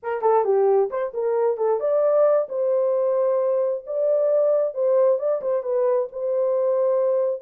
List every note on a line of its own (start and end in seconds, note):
0.02 0.21 A#4
0.21 0.44 A4
0.44 0.89 G4
0.90 1.13 C5
1.13 1.57 A#4
1.57 1.79 A4
1.79 2.47 D5
2.49 3.84 C5
3.86 4.74 D5
4.74 5.18 C5
5.18 5.41 D5
5.41 5.63 C5
5.63 6.08 B4
6.12 7.41 C5